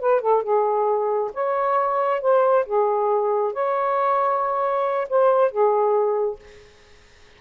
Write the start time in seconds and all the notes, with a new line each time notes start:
0.00 B4
0.21 A4
0.44 G#4
1.34 C#5
2.22 C5
2.66 G#4
3.54 C#5
5.10 C5
5.52 G#4